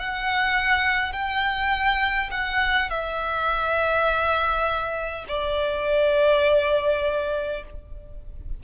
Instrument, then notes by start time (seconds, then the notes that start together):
violin
0.00 F#5
1.13 G5
2.32 F#5
2.90 E5
5.28 D5